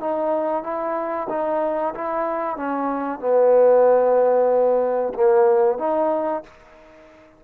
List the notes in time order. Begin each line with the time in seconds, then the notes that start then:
0.00 D#4
0.63 E4
1.29 D#4
1.94 E4
2.56 C#4
3.20 B3
5.14 A#3
5.79 D#4